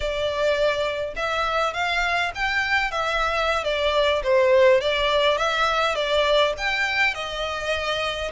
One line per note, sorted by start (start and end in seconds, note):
0.00 1.14 D5
1.15 1.73 E5
1.73 2.31 F5
2.34 2.91 G5
2.91 3.64 E5
3.64 4.22 D5
4.23 4.81 C5
4.81 5.37 D5
5.37 5.95 E5
5.95 6.53 D5
6.57 7.14 G5
7.14 8.31 D#5